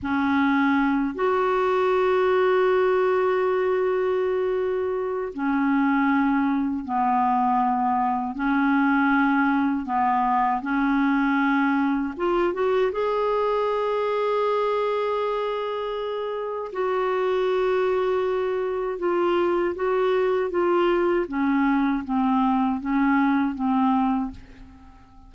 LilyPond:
\new Staff \with { instrumentName = "clarinet" } { \time 4/4 \tempo 4 = 79 cis'4. fis'2~ fis'8~ | fis'2. cis'4~ | cis'4 b2 cis'4~ | cis'4 b4 cis'2 |
f'8 fis'8 gis'2.~ | gis'2 fis'2~ | fis'4 f'4 fis'4 f'4 | cis'4 c'4 cis'4 c'4 | }